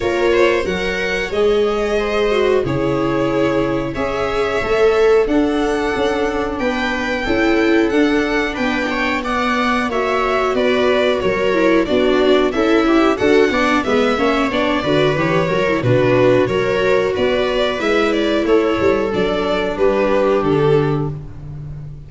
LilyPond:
<<
  \new Staff \with { instrumentName = "violin" } { \time 4/4 \tempo 4 = 91 cis''4 fis''4 dis''2 | cis''2 e''2 | fis''2 g''2 | fis''4 g''4 fis''4 e''4 |
d''4 cis''4 d''4 e''4 | fis''4 e''4 d''4 cis''4 | b'4 cis''4 d''4 e''8 d''8 | cis''4 d''4 b'4 a'4 | }
  \new Staff \with { instrumentName = "viola" } { \time 4/4 ais'8 c''8 cis''2 c''4 | gis'2 cis''2 | a'2 b'4 a'4~ | a'4 b'8 cis''8 d''4 cis''4 |
b'4 ais'4 fis'4 e'4 | a'8 d''8 b'8 cis''4 b'4 ais'8 | fis'4 ais'4 b'2 | a'2 g'2 | }
  \new Staff \with { instrumentName = "viola" } { \time 4/4 f'4 ais'4 gis'4. fis'8 | e'2 gis'4 a'4 | d'2. e'4 | d'2 b4 fis'4~ |
fis'4. e'8 d'4 a'8 g'8 | fis'8 d'8 b8 cis'8 d'8 fis'8 g'8 fis'16 e'16 | d'4 fis'2 e'4~ | e'4 d'2. | }
  \new Staff \with { instrumentName = "tuba" } { \time 4/4 ais4 fis4 gis2 | cis2 cis'4 a4 | d'4 cis'4 b4 cis'4 | d'4 b2 ais4 |
b4 fis4 b4 cis'4 | d'8 b8 gis8 ais8 b8 d8 e8 fis8 | b,4 fis4 b4 gis4 | a8 g8 fis4 g4 d4 | }
>>